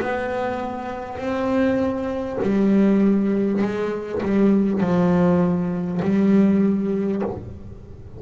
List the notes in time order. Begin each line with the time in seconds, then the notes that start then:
0.00 B3
1.18 C4
2.42 G3
3.62 G#3
4.22 G3
4.80 F3
6.02 G3